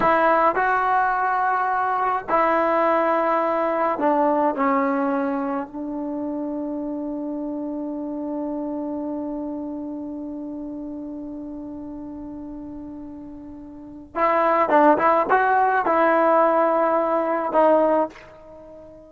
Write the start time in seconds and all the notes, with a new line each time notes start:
0.00 E4
0.55 F#4
2.29 E4
3.99 D4
4.55 C#4
5.67 D4
14.15 E4
14.69 D4
14.98 E4
15.30 F#4
15.85 E4
17.52 D#4